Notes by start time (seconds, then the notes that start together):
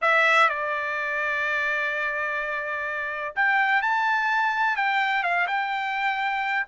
0.01 E5
0.49 D5
3.35 G5
3.82 A5
4.76 G5
5.23 F5
5.47 G5